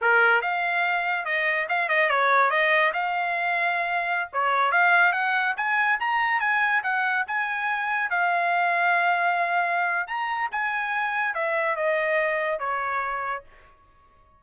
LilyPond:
\new Staff \with { instrumentName = "trumpet" } { \time 4/4 \tempo 4 = 143 ais'4 f''2 dis''4 | f''8 dis''8 cis''4 dis''4 f''4~ | f''2~ f''16 cis''4 f''8.~ | f''16 fis''4 gis''4 ais''4 gis''8.~ |
gis''16 fis''4 gis''2 f''8.~ | f''1 | ais''4 gis''2 e''4 | dis''2 cis''2 | }